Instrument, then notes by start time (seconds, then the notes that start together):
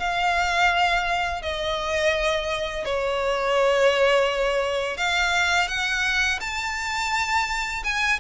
violin
0.00 F5
1.43 D#5
2.85 C#5
4.97 F5
5.68 F#5
6.41 A5
7.84 G#5